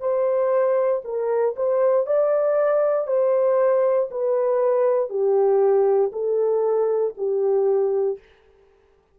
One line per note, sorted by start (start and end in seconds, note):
0.00 1.02 C5
1.04 1.55 A#4
1.55 2.06 C5
2.06 3.07 D5
3.07 4.09 C5
4.10 5.09 B4
5.09 6.11 G4
6.12 7.14 A4
7.17 8.19 G4